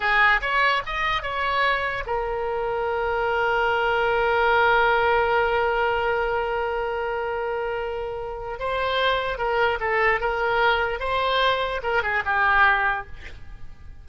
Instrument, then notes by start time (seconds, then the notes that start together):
oboe
0.00 G#4
0.41 C#5
0.86 D#5
1.22 C#5
2.06 A#4
8.59 C5
9.37 A#4
9.79 A4
10.20 A#4
10.99 C5
11.82 A#4
12.03 G#4
12.25 G4